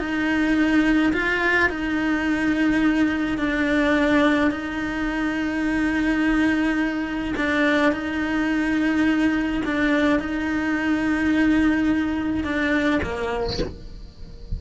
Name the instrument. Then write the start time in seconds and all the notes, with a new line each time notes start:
cello
0.00 D#4
1.13 F4
1.70 D#4
3.38 D4
4.52 D#4
7.37 D4
7.93 D#4
9.65 D4
10.20 D#4
12.44 D4
13.03 A#3